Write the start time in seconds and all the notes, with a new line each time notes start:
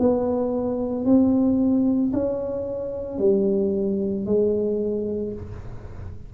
0.00 B3
1.05 C4
2.13 C#4
3.19 G3
4.26 G#3